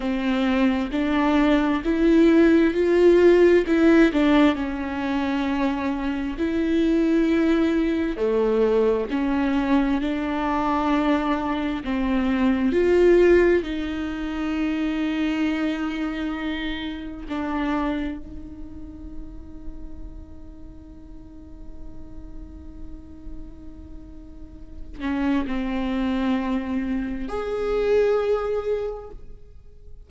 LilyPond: \new Staff \with { instrumentName = "viola" } { \time 4/4 \tempo 4 = 66 c'4 d'4 e'4 f'4 | e'8 d'8 cis'2 e'4~ | e'4 a4 cis'4 d'4~ | d'4 c'4 f'4 dis'4~ |
dis'2. d'4 | dis'1~ | dis'2.~ dis'8 cis'8 | c'2 gis'2 | }